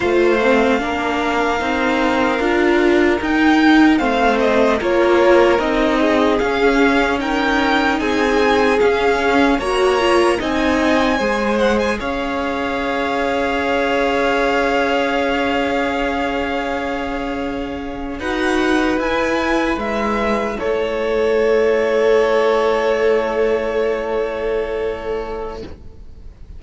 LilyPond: <<
  \new Staff \with { instrumentName = "violin" } { \time 4/4 \tempo 4 = 75 f''1 | g''4 f''8 dis''8 cis''4 dis''4 | f''4 g''4 gis''4 f''4 | ais''4 gis''4. fis''16 gis''16 f''4~ |
f''1~ | f''2~ f''8. fis''4 gis''16~ | gis''8. e''4 cis''2~ cis''16~ | cis''1 | }
  \new Staff \with { instrumentName = "violin" } { \time 4/4 c''4 ais'2.~ | ais'4 c''4 ais'4. gis'8~ | gis'4 ais'4 gis'2 | cis''4 dis''4 c''4 cis''4~ |
cis''1~ | cis''2~ cis''8. b'4~ b'16~ | b'4.~ b'16 a'2~ a'16~ | a'1 | }
  \new Staff \with { instrumentName = "viola" } { \time 4/4 f'8 c'8 d'4 dis'4 f'4 | dis'4 c'4 f'4 dis'4 | cis'4 dis'2 cis'4 | fis'8 f'8 dis'4 gis'2~ |
gis'1~ | gis'2~ gis'8. fis'4 e'16~ | e'1~ | e'1 | }
  \new Staff \with { instrumentName = "cello" } { \time 4/4 a4 ais4 c'4 d'4 | dis'4 a4 ais4 c'4 | cis'2 c'4 cis'4 | ais4 c'4 gis4 cis'4~ |
cis'1~ | cis'2~ cis'8. dis'4 e'16~ | e'8. gis4 a2~ a16~ | a1 | }
>>